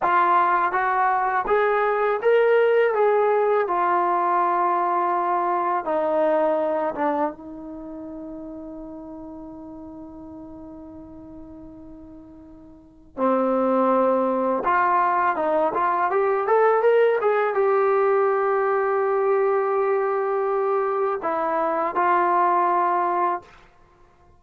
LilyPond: \new Staff \with { instrumentName = "trombone" } { \time 4/4 \tempo 4 = 82 f'4 fis'4 gis'4 ais'4 | gis'4 f'2. | dis'4. d'8 dis'2~ | dis'1~ |
dis'2 c'2 | f'4 dis'8 f'8 g'8 a'8 ais'8 gis'8 | g'1~ | g'4 e'4 f'2 | }